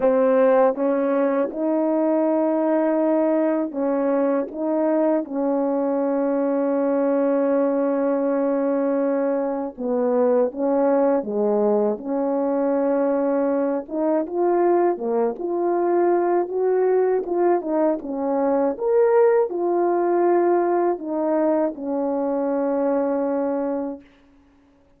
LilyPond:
\new Staff \with { instrumentName = "horn" } { \time 4/4 \tempo 4 = 80 c'4 cis'4 dis'2~ | dis'4 cis'4 dis'4 cis'4~ | cis'1~ | cis'4 b4 cis'4 gis4 |
cis'2~ cis'8 dis'8 f'4 | ais8 f'4. fis'4 f'8 dis'8 | cis'4 ais'4 f'2 | dis'4 cis'2. | }